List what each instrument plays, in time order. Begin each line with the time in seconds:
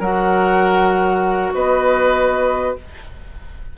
0.00 bassoon F#3, clarinet F#4, oboe A#4, flute F#5
1.54 bassoon B3, oboe B4, flute D#5